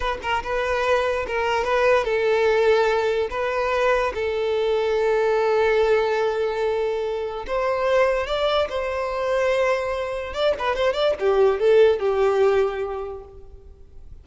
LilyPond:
\new Staff \with { instrumentName = "violin" } { \time 4/4 \tempo 4 = 145 b'8 ais'8 b'2 ais'4 | b'4 a'2. | b'2 a'2~ | a'1~ |
a'2 c''2 | d''4 c''2.~ | c''4 d''8 b'8 c''8 d''8 g'4 | a'4 g'2. | }